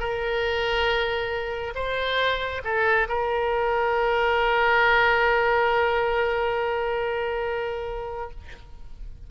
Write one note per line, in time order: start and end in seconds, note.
0.00 1.74 A#4
1.75 2.62 C5
2.64 3.08 A4
3.09 8.30 A#4